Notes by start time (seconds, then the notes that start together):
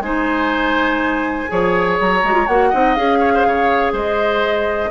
0.00 G#3 D#4 C5 G#5
1.48 F3 G#4 C#5
2.00 F#3 A#5
2.23 G#3 F#4
2.33 F4
2.47 A#3 F#4 F#5
2.69 C4 D#4 D#5
2.94 C#4 G#4 F5
3.20 C#5
3.34 C5
3.46 C#3 C#5
3.92 G#3 C5 D#5